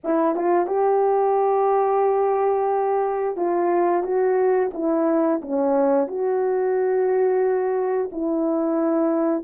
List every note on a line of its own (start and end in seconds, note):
0.03 0.36 E4
0.36 0.66 F4
0.66 3.36 G4
3.36 4.03 F4
4.03 4.70 F#4
4.73 5.41 E4
5.41 6.07 C#4
6.07 8.10 F#4
8.11 9.43 E4